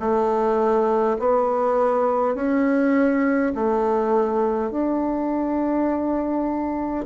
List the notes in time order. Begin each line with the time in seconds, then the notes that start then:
0.00 A3
1.20 B3
2.35 C#4
3.55 A3
4.72 D4